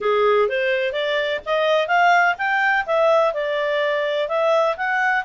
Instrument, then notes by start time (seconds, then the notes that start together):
clarinet
0.01 G#4
0.48 C5
0.92 D5
1.45 D#5
1.87 F5
2.38 G5
2.86 E5
3.33 D5
4.28 E5
4.76 F#5